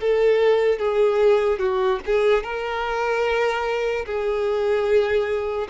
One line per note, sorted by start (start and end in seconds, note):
0.00 0.79 A4
0.79 1.59 G#4
1.59 1.99 F#4
2.06 2.43 G#4
2.43 4.05 A#4
4.06 5.68 G#4